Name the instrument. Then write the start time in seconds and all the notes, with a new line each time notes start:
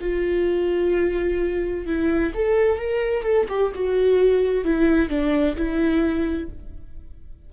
viola
0.00 F4
1.86 E4
2.34 A4
2.78 A#4
3.22 A4
3.48 G4
3.74 F#4
4.64 E4
5.09 D4
5.56 E4